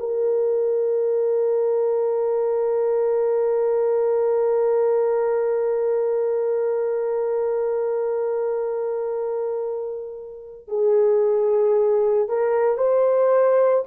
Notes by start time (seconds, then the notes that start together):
0.00 A#4
10.68 G#4
12.29 A#4
12.78 C5